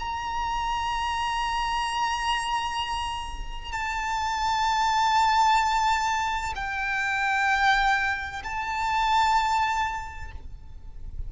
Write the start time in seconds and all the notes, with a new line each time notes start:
0.00 A#5
3.72 A5
6.55 G5
8.44 A5